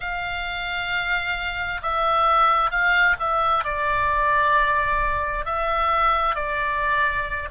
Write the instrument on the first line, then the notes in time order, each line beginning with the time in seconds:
oboe
0.00 F5
1.82 E5
2.70 F5
3.19 E5
3.64 D5
5.45 E5
6.35 D5